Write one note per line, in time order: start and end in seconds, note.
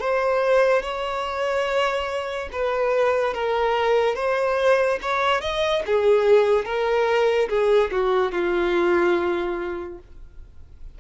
0.00 0.82 C5
0.82 2.49 C#5
2.52 3.34 B4
3.34 4.16 A#4
4.16 4.99 C5
5.02 5.41 C#5
5.41 5.83 D#5
5.86 6.65 G#4
6.65 7.48 A#4
7.49 7.91 G#4
7.91 8.32 F#4
8.32 9.98 F4